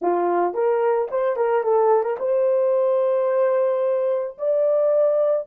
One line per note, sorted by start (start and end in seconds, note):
0.01 0.53 F4
0.53 1.08 A#4
1.11 1.36 C5
1.36 1.63 A#4
1.63 2.03 A4
2.03 2.17 A#4
2.19 4.37 C5
4.38 5.47 D5